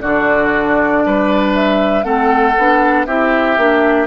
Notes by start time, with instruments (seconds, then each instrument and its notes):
0.00 bassoon D3, clarinet D4, oboe F#4, flute D5
1.05 bassoon G3, oboe B4
1.54 flute E5
2.03 bassoon A3, clarinet C4, oboe A4, flute F#5
2.57 bassoon B3, clarinet D4
3.05 bassoon C4, clarinet E4, oboe G4, flute E5
3.57 bassoon A#3, clarinet D4